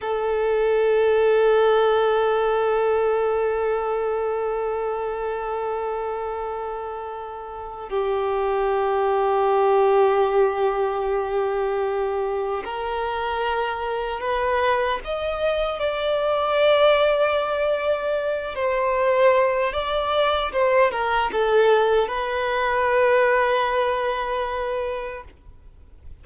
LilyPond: \new Staff \with { instrumentName = "violin" } { \time 4/4 \tempo 4 = 76 a'1~ | a'1~ | a'2 g'2~ | g'1 |
ais'2 b'4 dis''4 | d''2.~ d''8 c''8~ | c''4 d''4 c''8 ais'8 a'4 | b'1 | }